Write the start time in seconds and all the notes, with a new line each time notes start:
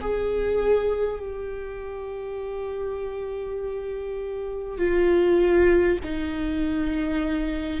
0.00 G#4
1.19 G4
4.78 F4
6.03 D#4